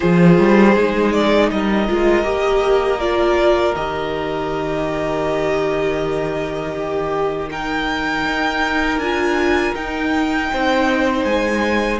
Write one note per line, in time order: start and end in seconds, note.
0.00 0.39 F3
0.00 0.73 F4
0.00 1.50 G#4
0.00 1.11 C5
0.39 0.75 G3
0.75 1.50 G#3
0.75 1.88 D#4
1.11 1.49 D5
1.51 1.89 G3
1.51 6.74 A#4
1.51 2.99 D#5
1.88 2.25 G#3
1.88 2.23 F4
2.23 3.75 A#3
2.23 2.98 G4
2.99 3.75 F4
2.99 3.74 D5
3.75 8.25 D#3
3.75 7.50 G4
3.75 7.50 D#5
6.74 7.49 G4
7.50 9.00 D#4
7.50 10.51 A#4
7.50 8.99 G5
8.25 8.97 D#4
8.97 9.72 D4
8.97 9.75 F4
8.97 9.74 G#5
9.74 10.49 D#4
9.74 11.99 D#4
9.74 11.24 G5
10.52 11.24 C4
10.52 11.99 C5
11.24 11.99 G#3
11.24 11.99 G#5